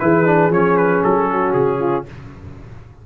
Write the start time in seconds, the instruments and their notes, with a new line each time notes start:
0.00 tuba E3, trombone E4, horn G#4, trumpet B4
0.26 trombone D4
0.50 tuba F3, trombone C#4, trumpet C#5
0.77 trumpet B4
1.04 tuba F#3, trumpet A4
1.30 horn F#4
1.53 tuba C#3, trumpet G#4
1.80 horn F4